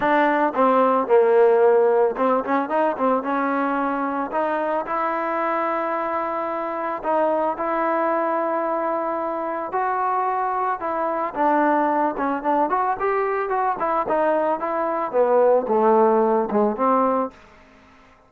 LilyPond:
\new Staff \with { instrumentName = "trombone" } { \time 4/4 \tempo 4 = 111 d'4 c'4 ais2 | c'8 cis'8 dis'8 c'8 cis'2 | dis'4 e'2.~ | e'4 dis'4 e'2~ |
e'2 fis'2 | e'4 d'4. cis'8 d'8 fis'8 | g'4 fis'8 e'8 dis'4 e'4 | b4 a4. gis8 c'4 | }